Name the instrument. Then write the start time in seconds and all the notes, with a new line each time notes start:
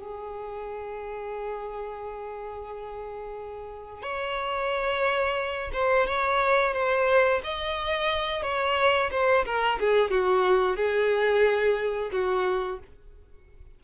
violin
0.00 G#4
4.03 C#5
5.73 C5
6.07 C#5
6.74 C5
7.44 D#5
8.43 C#5
9.12 C5
9.46 A#4
9.80 G#4
10.11 F#4
10.77 G#4
12.12 F#4